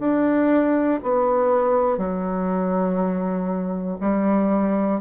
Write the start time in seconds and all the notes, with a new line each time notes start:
0.00 D4
1.03 B3
1.98 F#3
4.00 G3